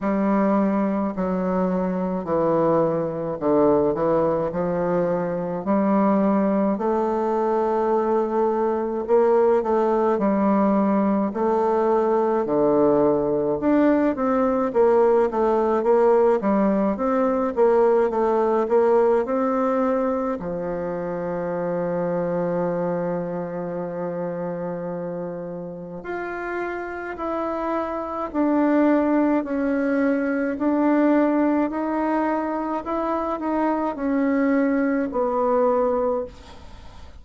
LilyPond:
\new Staff \with { instrumentName = "bassoon" } { \time 4/4 \tempo 4 = 53 g4 fis4 e4 d8 e8 | f4 g4 a2 | ais8 a8 g4 a4 d4 | d'8 c'8 ais8 a8 ais8 g8 c'8 ais8 |
a8 ais8 c'4 f2~ | f2. f'4 | e'4 d'4 cis'4 d'4 | dis'4 e'8 dis'8 cis'4 b4 | }